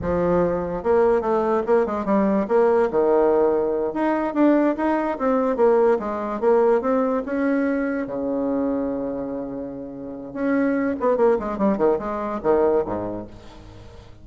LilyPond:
\new Staff \with { instrumentName = "bassoon" } { \time 4/4 \tempo 4 = 145 f2 ais4 a4 | ais8 gis8 g4 ais4 dis4~ | dis4. dis'4 d'4 dis'8~ | dis'8 c'4 ais4 gis4 ais8~ |
ais8 c'4 cis'2 cis8~ | cis1~ | cis4 cis'4. b8 ais8 gis8 | g8 dis8 gis4 dis4 gis,4 | }